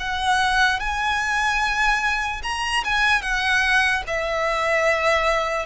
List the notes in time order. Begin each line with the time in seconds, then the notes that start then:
0.00 F#5
0.80 G#5
2.43 A#5
2.84 G#5
3.22 F#5
4.07 E5